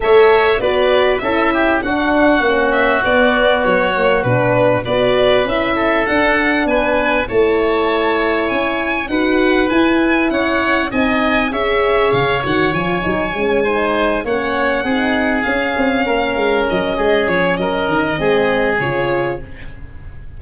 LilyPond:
<<
  \new Staff \with { instrumentName = "violin" } { \time 4/4 \tempo 4 = 99 e''4 d''4 e''4 fis''4~ | fis''8 e''8 d''4 cis''4 b'4 | d''4 e''4 fis''4 gis''4 | a''2 gis''4 fis''4 |
gis''4 fis''4 gis''4 e''4 | f''8 fis''8 gis''2~ gis''8 fis''8~ | fis''4. f''2 dis''8~ | dis''8 cis''8 dis''2 cis''4 | }
  \new Staff \with { instrumentName = "oboe" } { \time 4/4 cis''4 b'4 a'8 g'8 fis'4~ | fis'1 | b'4. a'4. b'4 | cis''2. b'4~ |
b'4 cis''4 dis''4 cis''4~ | cis''2~ cis''8 c''4 cis''8~ | cis''8 gis'2 ais'4. | gis'4 ais'4 gis'2 | }
  \new Staff \with { instrumentName = "horn" } { \time 4/4 a'4 fis'4 e'4 d'4 | cis'4 b4. ais8 d'4 | fis'4 e'4 d'2 | e'2. fis'4 |
e'2 dis'4 gis'4~ | gis'8 fis'8 f'8 dis'8 cis'8 dis'4 cis'8~ | cis'8 dis'4 cis'2~ cis'8~ | cis'2 c'4 f'4 | }
  \new Staff \with { instrumentName = "tuba" } { \time 4/4 a4 b4 cis'4 d'4 | ais4 b4 fis4 b,4 | b4 cis'4 d'4 b4 | a2 cis'4 dis'4 |
e'4 cis'4 c'4 cis'4 | cis8 dis8 f8 fis8 gis4. ais8~ | ais8 c'4 cis'8 c'8 ais8 gis8 fis8 | gis8 f8 fis8 dis8 gis4 cis4 | }
>>